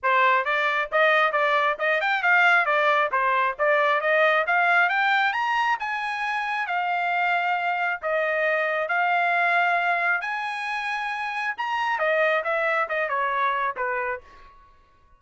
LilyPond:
\new Staff \with { instrumentName = "trumpet" } { \time 4/4 \tempo 4 = 135 c''4 d''4 dis''4 d''4 | dis''8 g''8 f''4 d''4 c''4 | d''4 dis''4 f''4 g''4 | ais''4 gis''2 f''4~ |
f''2 dis''2 | f''2. gis''4~ | gis''2 ais''4 dis''4 | e''4 dis''8 cis''4. b'4 | }